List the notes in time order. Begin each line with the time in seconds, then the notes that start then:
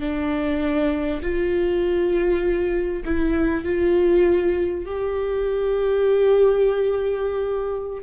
0.00 D4
1.22 F4
3.05 E4
3.65 F4
4.86 G4